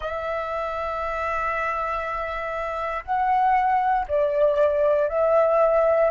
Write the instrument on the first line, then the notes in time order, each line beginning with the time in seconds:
flute
0.00 E5
3.04 F#5
4.07 D5
5.08 E5